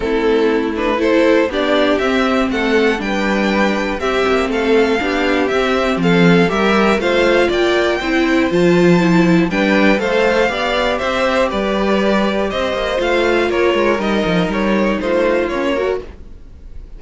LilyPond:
<<
  \new Staff \with { instrumentName = "violin" } { \time 4/4 \tempo 4 = 120 a'4. b'8 c''4 d''4 | e''4 fis''4 g''2 | e''4 f''2 e''4 | f''4 e''4 f''4 g''4~ |
g''4 a''2 g''4 | f''2 e''4 d''4~ | d''4 dis''4 f''4 cis''4 | dis''4 cis''4 c''4 cis''4 | }
  \new Staff \with { instrumentName = "violin" } { \time 4/4 e'2 a'4 g'4~ | g'4 a'4 b'2 | g'4 a'4 g'2 | a'4 ais'4 c''4 d''4 |
c''2. b'4 | c''4 d''4 c''4 b'4~ | b'4 c''2 ais'4~ | ais'2 f'4. ais'8 | }
  \new Staff \with { instrumentName = "viola" } { \time 4/4 c'4. d'8 e'4 d'4 | c'2 d'2 | c'2 d'4 c'4~ | c'4 g'4 f'2 |
e'4 f'4 e'4 d'4 | a'4 g'2.~ | g'2 f'2 | dis'2. cis'8 fis'8 | }
  \new Staff \with { instrumentName = "cello" } { \time 4/4 a2. b4 | c'4 a4 g2 | c'8 ais8 a4 b4 c'4 | f4 g4 a4 ais4 |
c'4 f2 g4 | a4 b4 c'4 g4~ | g4 c'8 ais8 a4 ais8 gis8 | g8 f8 g4 a4 ais4 | }
>>